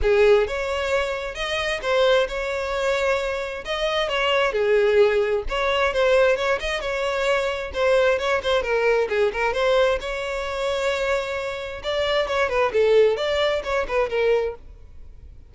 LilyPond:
\new Staff \with { instrumentName = "violin" } { \time 4/4 \tempo 4 = 132 gis'4 cis''2 dis''4 | c''4 cis''2. | dis''4 cis''4 gis'2 | cis''4 c''4 cis''8 dis''8 cis''4~ |
cis''4 c''4 cis''8 c''8 ais'4 | gis'8 ais'8 c''4 cis''2~ | cis''2 d''4 cis''8 b'8 | a'4 d''4 cis''8 b'8 ais'4 | }